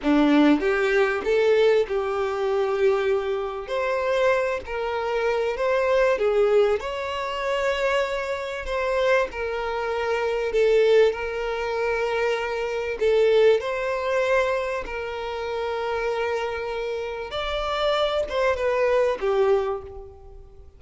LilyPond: \new Staff \with { instrumentName = "violin" } { \time 4/4 \tempo 4 = 97 d'4 g'4 a'4 g'4~ | g'2 c''4. ais'8~ | ais'4 c''4 gis'4 cis''4~ | cis''2 c''4 ais'4~ |
ais'4 a'4 ais'2~ | ais'4 a'4 c''2 | ais'1 | d''4. c''8 b'4 g'4 | }